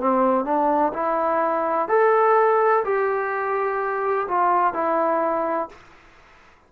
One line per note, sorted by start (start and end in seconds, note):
0.00 0.44 C4
0.44 0.92 D4
0.93 1.88 E4
1.88 2.84 A4
2.84 4.27 G4
4.28 4.73 F4
4.73 5.68 E4